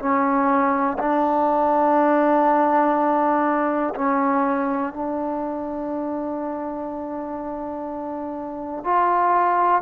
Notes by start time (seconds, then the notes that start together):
0.00 C#4
0.99 D4
3.95 C#4
4.94 D4
8.84 F4